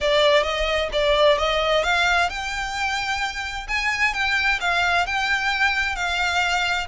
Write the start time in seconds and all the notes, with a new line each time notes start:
0.01 D5
0.43 D#5
0.92 D5
1.37 D#5
1.83 F5
2.29 G5
3.68 G#5
4.13 G5
4.60 F5
5.06 G5
5.95 F5